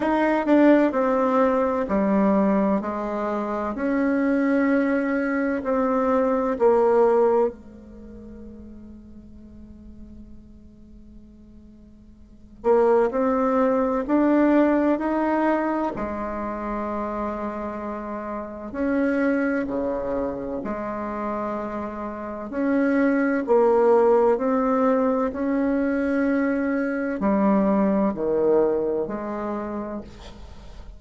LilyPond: \new Staff \with { instrumentName = "bassoon" } { \time 4/4 \tempo 4 = 64 dis'8 d'8 c'4 g4 gis4 | cis'2 c'4 ais4 | gis1~ | gis4. ais8 c'4 d'4 |
dis'4 gis2. | cis'4 cis4 gis2 | cis'4 ais4 c'4 cis'4~ | cis'4 g4 dis4 gis4 | }